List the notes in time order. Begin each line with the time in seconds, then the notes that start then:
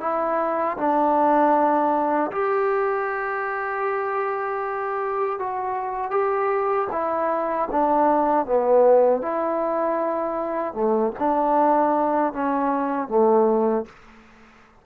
0.00 E4
0.77 D4
2.31 G4
5.39 F#4
6.10 G4
6.92 E4
7.71 D4
8.45 B3
9.21 E4
10.73 A3
11.19 D4
12.33 C#4
13.08 A3